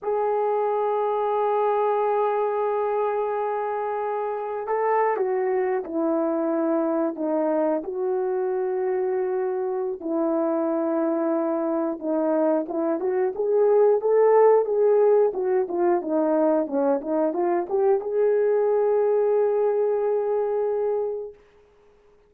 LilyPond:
\new Staff \with { instrumentName = "horn" } { \time 4/4 \tempo 4 = 90 gis'1~ | gis'2. a'8. fis'16~ | fis'8. e'2 dis'4 fis'16~ | fis'2. e'4~ |
e'2 dis'4 e'8 fis'8 | gis'4 a'4 gis'4 fis'8 f'8 | dis'4 cis'8 dis'8 f'8 g'8 gis'4~ | gis'1 | }